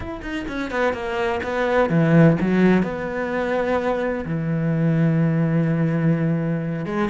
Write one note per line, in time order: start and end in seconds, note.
0.00 0.20 E4
0.21 0.45 D#4
0.48 0.70 C#4
0.70 0.93 B3
0.93 1.40 A#3
1.43 1.89 B3
1.89 2.36 E3
2.40 2.83 F#3
2.83 4.24 B3
4.25 6.85 E3
6.85 7.09 G#3